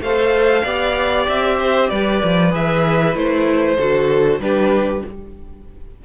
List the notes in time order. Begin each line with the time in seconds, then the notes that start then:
0.00 A3 A4 C5 F5
0.63 B3 G4 D5
1.28 C4 E5
1.59 C5
1.89 G3 B4 D5
2.23 F3
2.50 E3 G#4 E5
3.14 A3 E4 C5
3.78 D3 F#4 A4
4.39 G3 D4 G4 B4